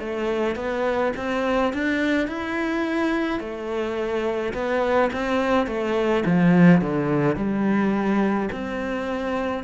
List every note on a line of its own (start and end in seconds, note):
0.00 0.56 A3
0.56 1.13 B3
1.17 1.73 C4
1.73 2.28 D4
2.28 3.41 E4
3.41 4.54 A3
4.54 5.11 B3
5.13 5.68 C4
5.68 6.24 A3
6.26 6.82 F3
6.82 7.36 D3
7.36 8.50 G3
8.53 9.64 C4